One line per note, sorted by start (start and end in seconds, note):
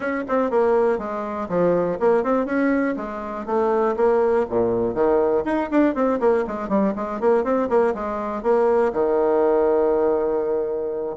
0.00 0.23 C#4
0.28 0.50 C4
0.50 0.98 A#3
0.98 1.48 G#3
1.48 1.98 F3
1.99 2.23 A#3
2.23 2.45 C4
2.45 2.95 C#4
2.96 3.46 G#3
3.46 3.95 A3
3.96 4.46 A#3
4.49 4.94 A#2
4.94 5.44 D#3
5.45 5.69 D#4
5.70 5.94 D4
5.94 6.19 C4
6.20 6.44 A#3
6.47 6.69 G#3
6.69 6.93 G3
6.95 7.20 G#3
7.20 7.44 A#3
7.44 7.69 C4
7.69 7.93 A#3
7.94 8.42 G#3
8.42 8.92 A#3
8.92 11.15 D#3